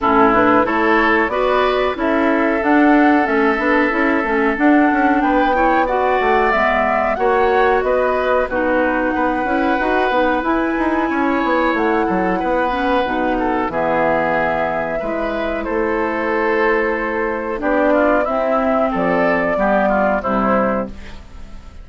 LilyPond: <<
  \new Staff \with { instrumentName = "flute" } { \time 4/4 \tempo 4 = 92 a'8 b'8 cis''4 d''4 e''4 | fis''4 e''2 fis''4 | g''4 fis''4 e''4 fis''4 | dis''4 b'4 fis''2 |
gis''2 fis''2~ | fis''4 e''2. | c''2. d''4 | e''4 d''2 c''4 | }
  \new Staff \with { instrumentName = "oboe" } { \time 4/4 e'4 a'4 b'4 a'4~ | a'1 | b'8 cis''8 d''2 cis''4 | b'4 fis'4 b'2~ |
b'4 cis''4. a'8 b'4~ | b'8 a'8 gis'2 b'4 | a'2. g'8 f'8 | e'4 a'4 g'8 f'8 e'4 | }
  \new Staff \with { instrumentName = "clarinet" } { \time 4/4 cis'8 d'8 e'4 fis'4 e'4 | d'4 cis'8 d'8 e'8 cis'8 d'4~ | d'8 e'8 fis'4 b4 fis'4~ | fis'4 dis'4. e'8 fis'8 dis'8 |
e'2.~ e'8 cis'8 | dis'4 b2 e'4~ | e'2. d'4 | c'2 b4 g4 | }
  \new Staff \with { instrumentName = "bassoon" } { \time 4/4 a,4 a4 b4 cis'4 | d'4 a8 b8 cis'8 a8 d'8 cis'8 | b4. a8 gis4 ais4 | b4 b,4 b8 cis'8 dis'8 b8 |
e'8 dis'8 cis'8 b8 a8 fis8 b4 | b,4 e2 gis4 | a2. b4 | c'4 f4 g4 c4 | }
>>